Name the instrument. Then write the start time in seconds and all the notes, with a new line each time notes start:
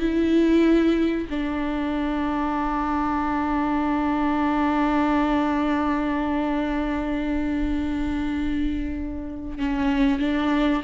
viola
0.00 E4
1.30 D4
9.58 C#4
10.20 D4